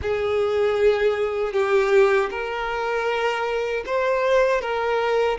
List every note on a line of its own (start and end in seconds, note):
0.02 1.52 G#4
1.52 2.29 G4
2.30 3.84 A#4
3.86 4.61 C5
4.61 5.38 A#4